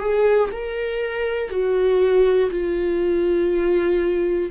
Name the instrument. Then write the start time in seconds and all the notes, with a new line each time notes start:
viola
0.00 G#4
0.51 A#4
1.50 F#4
2.50 F4